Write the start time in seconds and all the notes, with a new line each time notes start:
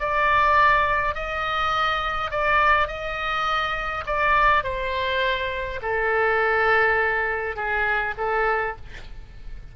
0.00 D5
1.15 D#5
2.31 D5
2.88 D#5
4.07 D5
4.64 C5
5.82 A4
7.56 G#4
8.18 A4